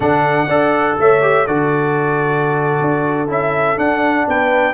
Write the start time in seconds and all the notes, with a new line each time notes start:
0.00 D3 D4 A4 F#5
0.47 D4 A4 D5
0.98 A3 C#5 E5
1.21 G4
1.46 D3 F#4 A4 D5
2.81 D4
3.27 C#4 E4 E5
3.76 D4 F#5
4.28 B3 B4 G5